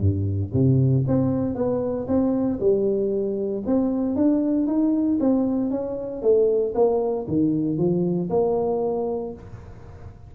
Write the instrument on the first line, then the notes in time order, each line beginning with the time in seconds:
tuba
0.00 G2
0.53 C3
1.07 C4
1.55 B3
2.08 C4
2.60 G3
3.66 C4
4.15 D4
4.67 D#4
5.20 C4
5.70 C#4
6.22 A3
6.75 A#3
7.28 D#3
7.78 F3
8.30 A#3